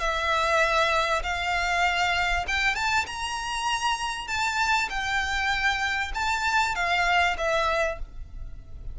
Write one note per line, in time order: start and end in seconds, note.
0.00 1.22 E5
1.23 2.45 F5
2.48 2.75 G5
2.75 3.06 A5
3.06 4.27 A#5
4.27 4.89 A5
4.90 6.12 G5
6.14 6.75 A5
6.75 7.36 F5
7.38 7.99 E5